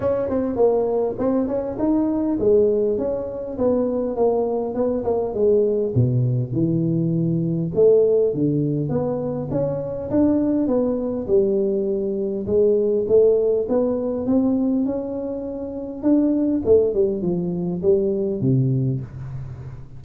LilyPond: \new Staff \with { instrumentName = "tuba" } { \time 4/4 \tempo 4 = 101 cis'8 c'8 ais4 c'8 cis'8 dis'4 | gis4 cis'4 b4 ais4 | b8 ais8 gis4 b,4 e4~ | e4 a4 d4 b4 |
cis'4 d'4 b4 g4~ | g4 gis4 a4 b4 | c'4 cis'2 d'4 | a8 g8 f4 g4 c4 | }